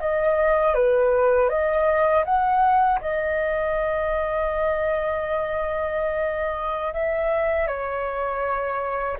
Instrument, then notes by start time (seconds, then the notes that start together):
flute
0.00 D#5
0.74 B4
1.49 D#5
2.25 F#5
3.01 D#5
6.93 E5
7.67 C#5